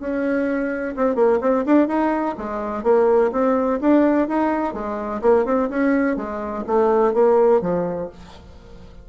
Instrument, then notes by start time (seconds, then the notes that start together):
bassoon
0.00 C#4
0.96 C4
1.16 A#3
1.41 C4
1.66 D4
1.88 D#4
2.38 G#3
2.84 A#3
3.32 C4
3.81 D4
4.28 D#4
4.74 G#3
5.22 A#3
5.46 C4
5.70 C#4
6.17 G#3
6.67 A3
7.14 A#3
7.62 F3